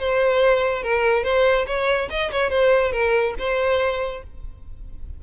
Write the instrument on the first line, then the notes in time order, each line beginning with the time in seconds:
violin
0.00 C5
0.83 A#4
1.24 C5
1.67 C#5
2.10 D#5
2.32 C#5
2.51 C5
2.93 A#4
3.39 C5